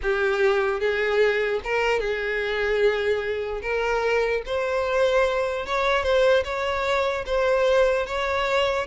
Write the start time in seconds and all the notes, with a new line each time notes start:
0.02 G4
0.79 G#4
1.63 A#4
2.00 G#4
3.61 A#4
4.46 C5
5.65 C#5
6.03 C5
6.44 C#5
7.25 C5
8.06 C#5